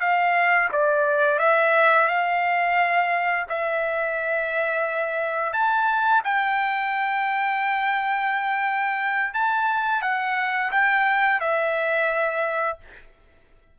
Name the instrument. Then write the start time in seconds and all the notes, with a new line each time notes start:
trumpet
0.00 F5
0.72 D5
1.39 E5
2.08 F5
3.49 E5
5.53 A5
6.24 G5
9.33 A5
10.02 F#5
10.71 G5
11.40 E5